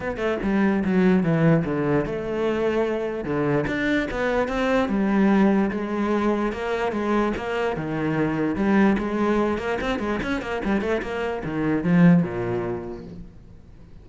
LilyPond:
\new Staff \with { instrumentName = "cello" } { \time 4/4 \tempo 4 = 147 b8 a8 g4 fis4 e4 | d4 a2. | d4 d'4 b4 c'4 | g2 gis2 |
ais4 gis4 ais4 dis4~ | dis4 g4 gis4. ais8 | c'8 gis8 cis'8 ais8 g8 a8 ais4 | dis4 f4 ais,2 | }